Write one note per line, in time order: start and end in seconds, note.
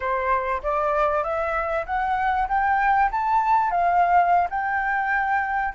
0.00 0.61 C5
0.62 1.23 D5
1.23 1.85 E5
1.86 2.47 F#5
2.48 3.10 G5
3.11 3.70 A5
3.70 4.48 F5
4.50 5.74 G5